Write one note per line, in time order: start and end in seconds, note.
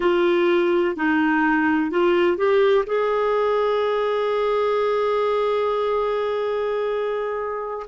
0.00 0.95 F4
0.95 1.90 D#4
1.90 2.37 F4
2.37 2.84 G4
2.86 7.86 G#4